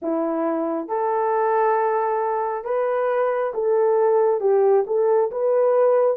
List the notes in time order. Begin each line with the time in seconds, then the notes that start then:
0.02 E4
0.88 A4
2.64 B4
3.54 A4
4.40 G4
4.86 A4
5.31 B4